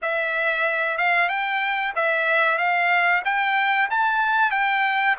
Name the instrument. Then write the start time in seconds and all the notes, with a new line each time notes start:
trumpet
0.02 E5
0.97 F5
1.28 G5
1.95 E5
2.57 F5
3.24 G5
3.90 A5
4.51 G5